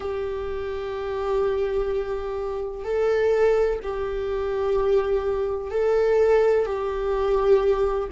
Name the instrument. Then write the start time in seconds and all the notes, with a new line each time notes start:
viola
0.00 G4
2.84 A4
3.83 G4
5.71 A4
6.66 G4